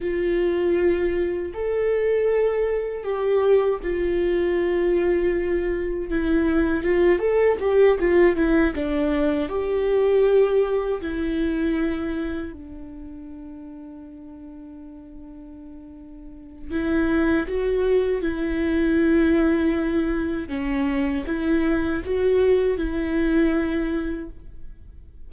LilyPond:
\new Staff \with { instrumentName = "viola" } { \time 4/4 \tempo 4 = 79 f'2 a'2 | g'4 f'2. | e'4 f'8 a'8 g'8 f'8 e'8 d'8~ | d'8 g'2 e'4.~ |
e'8 d'2.~ d'8~ | d'2 e'4 fis'4 | e'2. cis'4 | e'4 fis'4 e'2 | }